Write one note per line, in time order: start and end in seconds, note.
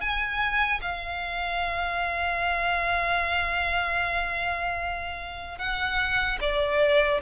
0.00 0.80 G#5
0.81 5.58 F5
5.58 6.38 F#5
6.40 7.20 D5